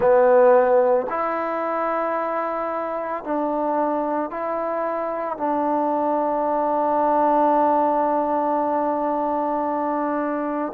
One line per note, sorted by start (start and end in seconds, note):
0.00 1.07 B3
1.09 3.23 E4
3.24 4.30 D4
4.30 5.37 E4
5.37 10.72 D4